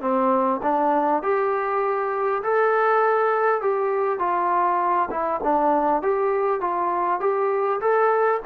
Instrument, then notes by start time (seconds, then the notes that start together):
trombone
0.00 C4
0.62 D4
1.22 G4
2.43 A4
3.61 G4
4.19 F4
5.10 E4
5.43 D4
6.02 G4
6.60 F4
7.20 G4
7.80 A4